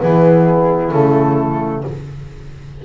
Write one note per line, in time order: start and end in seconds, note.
0.00 0.92 E3
0.00 0.93 B3
0.00 1.85 E4
0.00 0.91 G#4
0.91 1.84 C#3
0.91 1.85 A3
0.91 1.83 A4